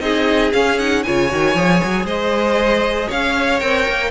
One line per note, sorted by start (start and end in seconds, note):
0.00 0.51 C4
0.00 0.52 D#4
0.00 1.05 G#4
0.00 0.51 D#5
0.53 0.78 C#4
0.53 1.05 C#4
0.53 0.79 F5
0.79 1.04 D#4
0.79 1.03 F#5
1.03 1.32 C#3
1.03 1.30 F4
1.03 2.05 C#5
1.03 2.06 G#5
1.30 1.55 D#3
1.30 1.56 F#4
1.55 1.81 F3
1.55 3.60 G#4
1.83 2.04 F#3
2.04 3.07 G#3
2.04 3.08 C5
2.04 3.10 D#5
3.08 3.62 C#4
3.08 4.11 C#5
3.08 3.60 F5
3.60 3.87 C4
3.60 4.11 A#4
3.60 4.11 G5
3.88 4.11 A#3